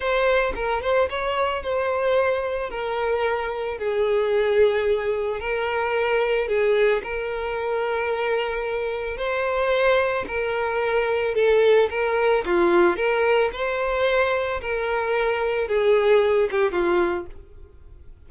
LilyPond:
\new Staff \with { instrumentName = "violin" } { \time 4/4 \tempo 4 = 111 c''4 ais'8 c''8 cis''4 c''4~ | c''4 ais'2 gis'4~ | gis'2 ais'2 | gis'4 ais'2.~ |
ais'4 c''2 ais'4~ | ais'4 a'4 ais'4 f'4 | ais'4 c''2 ais'4~ | ais'4 gis'4. g'8 f'4 | }